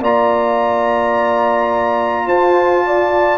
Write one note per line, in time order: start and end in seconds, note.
0.00 2.26 A#3
0.00 3.38 F4
0.00 2.27 D5
0.00 2.28 A#5
2.26 3.38 F4
2.26 2.83 C5
2.26 3.38 A5
2.86 3.38 D5